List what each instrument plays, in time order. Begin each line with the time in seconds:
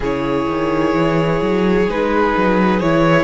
0.00 cello C#3, viola E4, violin G#4 C#5
0.48 cello D#3
0.94 cello E3
1.41 cello F#3
1.87 cello G#3, viola D#4, violin B4
2.37 cello F#3
2.79 cello E3, viola E4, violin C#5